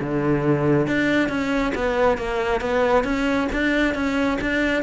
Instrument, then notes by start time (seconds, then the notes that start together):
cello
0.00 D3
0.87 D4
1.29 C#4
1.75 B3
2.17 A#3
2.61 B3
3.04 C#4
3.53 D4
3.94 C#4
4.41 D4